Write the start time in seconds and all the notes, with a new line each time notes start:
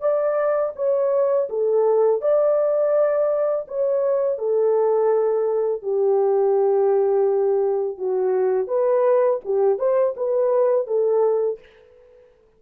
0.00 D5
0.75 C#5
1.49 A4
2.21 D5
3.67 C#5
4.38 A4
5.82 G4
7.97 F#4
8.67 B4
9.44 G4
9.78 C5
10.16 B4
10.87 A4